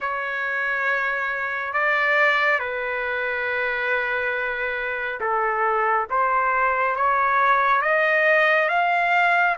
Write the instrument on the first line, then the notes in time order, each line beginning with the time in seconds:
trumpet
0.00 C#5
1.73 D5
2.59 B4
5.20 A4
6.09 C5
6.96 C#5
7.81 D#5
8.68 F5